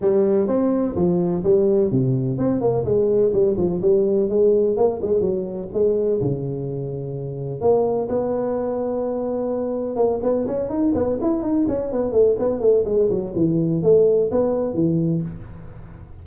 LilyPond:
\new Staff \with { instrumentName = "tuba" } { \time 4/4 \tempo 4 = 126 g4 c'4 f4 g4 | c4 c'8 ais8 gis4 g8 f8 | g4 gis4 ais8 gis8 fis4 | gis4 cis2. |
ais4 b2.~ | b4 ais8 b8 cis'8 dis'8 b8 e'8 | dis'8 cis'8 b8 a8 b8 a8 gis8 fis8 | e4 a4 b4 e4 | }